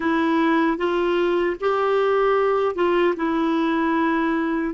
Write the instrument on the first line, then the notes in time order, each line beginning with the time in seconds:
clarinet
0.00 E4
0.77 F4
1.60 G4
2.75 F4
3.16 E4